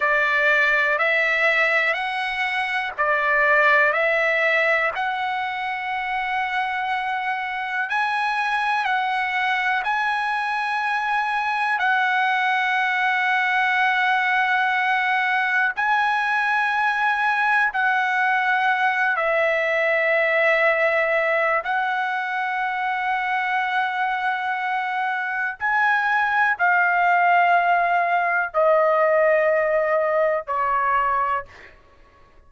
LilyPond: \new Staff \with { instrumentName = "trumpet" } { \time 4/4 \tempo 4 = 61 d''4 e''4 fis''4 d''4 | e''4 fis''2. | gis''4 fis''4 gis''2 | fis''1 |
gis''2 fis''4. e''8~ | e''2 fis''2~ | fis''2 gis''4 f''4~ | f''4 dis''2 cis''4 | }